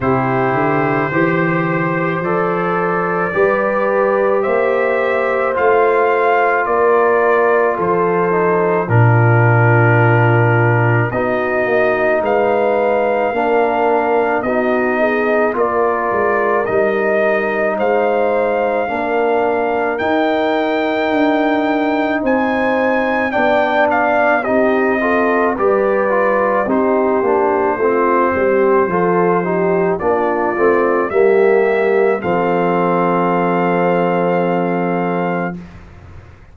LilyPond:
<<
  \new Staff \with { instrumentName = "trumpet" } { \time 4/4 \tempo 4 = 54 c''2 d''2 | e''4 f''4 d''4 c''4 | ais'2 dis''4 f''4~ | f''4 dis''4 d''4 dis''4 |
f''2 g''2 | gis''4 g''8 f''8 dis''4 d''4 | c''2. d''4 | e''4 f''2. | }
  \new Staff \with { instrumentName = "horn" } { \time 4/4 g'4 c''2 b'4 | c''2 ais'4 a'4 | f'2 fis'4 b'4 | ais'4 fis'8 gis'8 ais'2 |
c''4 ais'2. | c''4 d''4 g'8 a'8 b'4 | g'4 f'8 g'8 a'8 g'8 f'4 | g'4 a'2. | }
  \new Staff \with { instrumentName = "trombone" } { \time 4/4 e'4 g'4 a'4 g'4~ | g'4 f'2~ f'8 dis'8 | d'2 dis'2 | d'4 dis'4 f'4 dis'4~ |
dis'4 d'4 dis'2~ | dis'4 d'4 dis'8 f'8 g'8 f'8 | dis'8 d'8 c'4 f'8 dis'8 d'8 c'8 | ais4 c'2. | }
  \new Staff \with { instrumentName = "tuba" } { \time 4/4 c8 d8 e4 f4 g4 | ais4 a4 ais4 f4 | ais,2 b8 ais8 gis4 | ais4 b4 ais8 gis8 g4 |
gis4 ais4 dis'4 d'4 | c'4 b4 c'4 g4 | c'8 ais8 a8 g8 f4 ais8 a8 | g4 f2. | }
>>